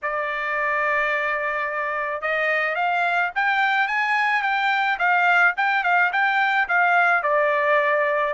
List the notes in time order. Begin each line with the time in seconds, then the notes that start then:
0.02 D5
2.21 D#5
2.75 F5
3.35 G5
3.87 G#5
4.42 G5
4.98 F5
5.56 G5
5.83 F5
6.12 G5
6.68 F5
7.22 D5